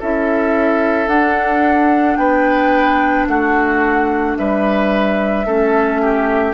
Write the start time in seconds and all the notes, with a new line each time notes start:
0.00 C#4 E4 A4 E5
1.08 D4 F#5
2.17 B3 B4 G5
3.28 A3 F#4 F#5
4.37 G3 B4 E5
5.45 A3 C#4 A4
6.02 G4